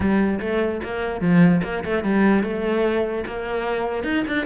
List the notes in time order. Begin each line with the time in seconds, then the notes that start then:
0.00 G3
0.40 A3
0.83 A#3
1.20 F3
1.63 A#3
1.84 A3
2.03 G3
2.43 A3
3.26 A#3
4.03 D#4
4.27 D4